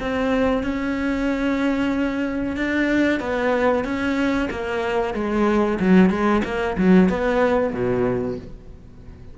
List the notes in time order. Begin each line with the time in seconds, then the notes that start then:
0.00 C4
0.63 C#4
2.56 D4
3.20 B3
3.84 C#4
4.50 A#3
5.14 G#3
5.80 F#3
6.10 G#3
6.45 A#3
6.77 F#3
7.09 B3
7.73 B2